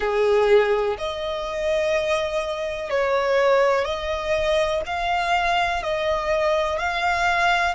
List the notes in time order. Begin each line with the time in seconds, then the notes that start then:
0.00 G#4
0.98 D#5
2.89 C#5
3.84 D#5
4.86 F5
5.82 D#5
6.78 F5